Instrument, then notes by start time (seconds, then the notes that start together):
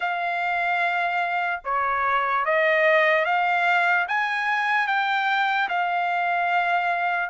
trumpet
0.00 F5
1.64 C#5
2.45 D#5
3.25 F5
4.08 G#5
4.87 G5
5.69 F5